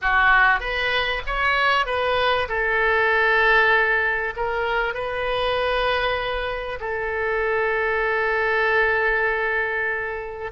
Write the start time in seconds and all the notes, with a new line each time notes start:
0.01 F#4
0.60 B4
1.26 C#5
1.86 B4
2.48 A4
4.36 A#4
4.93 B4
6.80 A4